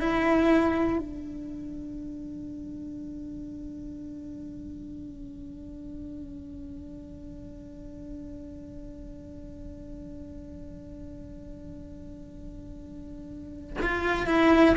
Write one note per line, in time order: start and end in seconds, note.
0.00 0.98 E4
0.98 13.77 D4
13.82 14.26 F4
14.26 14.75 E4